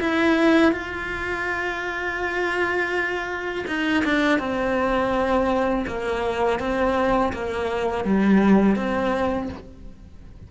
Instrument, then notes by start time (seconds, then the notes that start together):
cello
0.00 E4
0.72 F4
3.68 D#4
4.05 D4
4.39 C4
5.87 A#3
6.59 C4
7.33 A#3
8.05 G3
8.76 C4